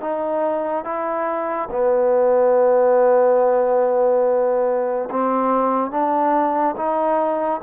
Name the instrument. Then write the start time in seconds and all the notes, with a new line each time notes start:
trombone
0.00 D#4
0.84 E4
1.71 B3
5.10 C4
5.90 D4
6.76 D#4